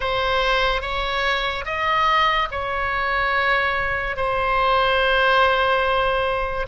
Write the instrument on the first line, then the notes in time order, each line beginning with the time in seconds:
oboe
0.00 C5
0.81 C#5
1.65 D#5
2.51 C#5
4.16 C5